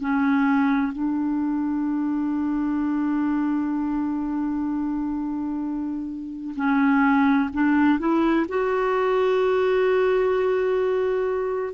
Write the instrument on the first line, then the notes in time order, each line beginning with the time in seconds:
clarinet
0.00 C#4
0.92 D4
6.56 C#4
7.53 D4
7.99 E4
8.48 F#4